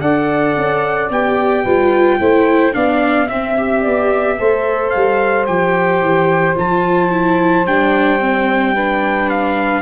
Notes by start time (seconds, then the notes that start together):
0.00 D4 A4 D5 F#5
0.56 C#4
1.09 B3 G4 G5
1.62 G3 F4 B4
2.19 A3 E4 C5
2.72 B3 D4 D5 F5
3.26 C4 E5
3.56 G4
3.80 B3 D5
4.38 A3 A4 C5
4.90 G3 F5
5.46 F3 G4 G5
6.01 E3
6.55 F3 F4 A5
7.10 E4
7.66 G3 D4 G5
8.19 C4
8.73 D4 B4
9.29 F5